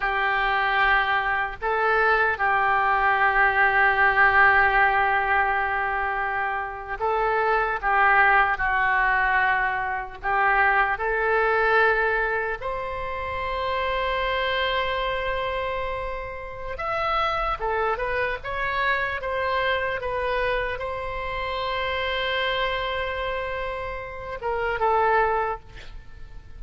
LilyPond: \new Staff \with { instrumentName = "oboe" } { \time 4/4 \tempo 4 = 75 g'2 a'4 g'4~ | g'1~ | g'8. a'4 g'4 fis'4~ fis'16~ | fis'8. g'4 a'2 c''16~ |
c''1~ | c''4 e''4 a'8 b'8 cis''4 | c''4 b'4 c''2~ | c''2~ c''8 ais'8 a'4 | }